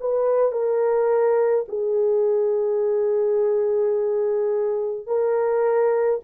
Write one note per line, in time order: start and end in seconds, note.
0.00 0.51 B4
0.51 1.65 A#4
1.68 5.06 G#4
5.06 6.20 A#4